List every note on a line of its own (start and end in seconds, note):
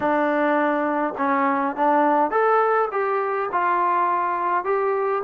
0.00 1.14 D4
1.17 1.76 C#4
1.76 2.30 D4
2.30 2.89 A4
2.91 3.50 G4
3.51 4.64 F4
4.64 5.22 G4